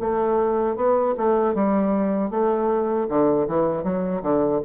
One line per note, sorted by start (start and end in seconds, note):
0.00 0.76 A3
0.76 1.15 B3
1.17 1.54 A3
1.54 2.30 G3
2.30 3.07 A3
3.09 3.47 D3
3.48 3.83 E3
3.83 4.22 F#3
4.22 4.61 D3